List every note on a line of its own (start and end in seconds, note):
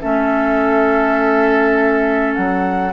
0.00 2.37 A3
0.00 2.93 C#4
0.00 2.93 A4
0.00 2.34 E5
2.34 2.93 F#3
2.34 2.93 F#5